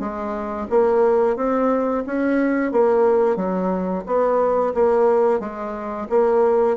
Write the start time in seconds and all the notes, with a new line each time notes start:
0.00 G#3
0.70 A#3
1.37 C4
2.07 C#4
2.72 A#3
3.36 F#3
4.06 B3
4.75 A#3
5.40 G#3
6.10 A#3